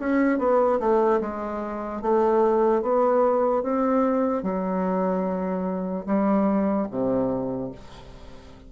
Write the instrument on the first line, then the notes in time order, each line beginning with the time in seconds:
bassoon
0.00 C#4
0.39 B3
0.80 A3
1.21 G#3
2.02 A3
2.82 B3
3.63 C4
4.43 F#3
6.06 G3
6.91 C3